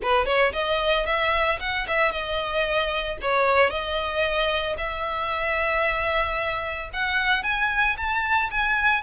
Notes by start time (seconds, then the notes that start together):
0.02 B4
0.25 C#5
0.53 D#5
1.05 E5
1.60 F#5
1.87 E5
2.11 D#5
3.21 C#5
3.70 D#5
4.77 E5
6.93 F#5
7.43 G#5
7.97 A5
8.51 G#5